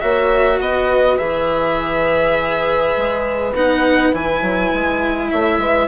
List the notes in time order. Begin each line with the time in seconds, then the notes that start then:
0.00 A#3 F#4 C#5 E5
0.60 B3 B4 D#5
1.18 E3 G#4 E5
2.97 G#3
3.53 B3 D#4 F#5
4.13 E3 E4 G#5
4.42 F#3
4.73 G#3
5.31 A3 C#5 E5
5.58 G#3 B4